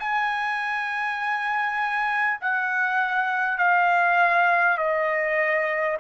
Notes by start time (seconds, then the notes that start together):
0.00 G#5
2.42 F#5
3.58 F5
4.78 D#5